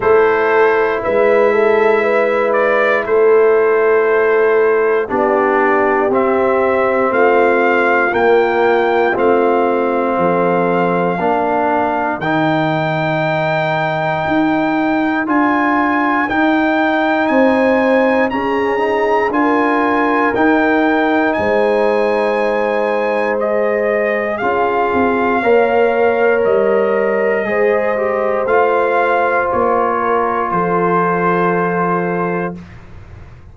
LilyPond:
<<
  \new Staff \with { instrumentName = "trumpet" } { \time 4/4 \tempo 4 = 59 c''4 e''4. d''8 c''4~ | c''4 d''4 e''4 f''4 | g''4 f''2. | g''2. gis''4 |
g''4 gis''4 ais''4 gis''4 | g''4 gis''2 dis''4 | f''2 dis''2 | f''4 cis''4 c''2 | }
  \new Staff \with { instrumentName = "horn" } { \time 4/4 a'4 b'8 a'8 b'4 a'4~ | a'4 g'2 f'4~ | f'2 a'4 ais'4~ | ais'1~ |
ais'4 c''4 gis'4 ais'4~ | ais'4 c''2. | gis'4 cis''2 c''4~ | c''4. ais'8 a'2 | }
  \new Staff \with { instrumentName = "trombone" } { \time 4/4 e'1~ | e'4 d'4 c'2 | ais4 c'2 d'4 | dis'2. f'4 |
dis'2 cis'8 dis'8 f'4 | dis'2. gis'4 | f'4 ais'2 gis'8 g'8 | f'1 | }
  \new Staff \with { instrumentName = "tuba" } { \time 4/4 a4 gis2 a4~ | a4 b4 c'4 a4 | ais4 a4 f4 ais4 | dis2 dis'4 d'4 |
dis'4 c'4 cis'4 d'4 | dis'4 gis2. | cis'8 c'8 ais4 g4 gis4 | a4 ais4 f2 | }
>>